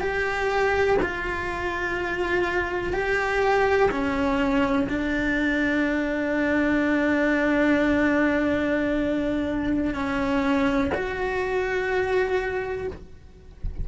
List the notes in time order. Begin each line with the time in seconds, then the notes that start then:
0.00 G4
1.01 F4
2.93 G4
3.91 C#4
4.88 D4
9.94 C#4
10.94 F#4